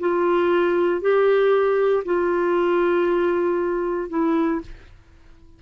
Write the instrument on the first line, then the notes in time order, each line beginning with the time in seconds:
clarinet
0.00 F4
1.01 G4
2.05 F4
4.10 E4